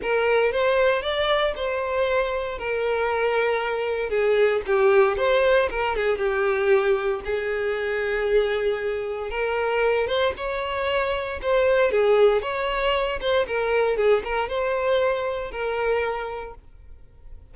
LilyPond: \new Staff \with { instrumentName = "violin" } { \time 4/4 \tempo 4 = 116 ais'4 c''4 d''4 c''4~ | c''4 ais'2. | gis'4 g'4 c''4 ais'8 gis'8 | g'2 gis'2~ |
gis'2 ais'4. c''8 | cis''2 c''4 gis'4 | cis''4. c''8 ais'4 gis'8 ais'8 | c''2 ais'2 | }